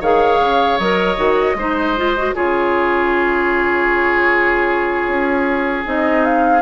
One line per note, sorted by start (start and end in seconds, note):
0.00 0.39 D#3
0.00 0.80 G#4
0.00 1.56 C#5
0.00 0.78 F5
0.39 0.78 C#3
0.78 1.17 F#3
0.78 1.16 A#4
0.78 2.34 D#5
1.16 1.54 D#3
1.16 1.55 F#4
1.54 2.32 G#3
1.54 1.96 D#4
1.54 2.35 C5
1.96 2.16 F4
2.17 2.35 F#4
2.34 5.07 C#3
2.34 5.85 F4
2.34 6.61 G#4
2.34 5.85 C#5
5.07 5.85 C#4
5.85 6.61 C4
5.85 6.61 D#4
5.85 6.24 D#5
6.24 6.61 F5